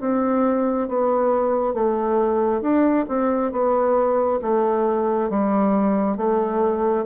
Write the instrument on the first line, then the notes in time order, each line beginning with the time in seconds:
bassoon
0.00 C4
0.88 B3
1.74 A3
2.61 D4
3.08 C4
3.52 B3
4.42 A3
5.30 G3
6.17 A3